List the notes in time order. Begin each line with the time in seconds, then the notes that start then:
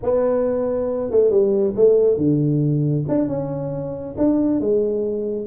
0.02 B3
1.10 A3
1.30 G3
1.76 A3
2.17 D3
3.08 D4
3.27 C#4
4.17 D4
4.60 G#3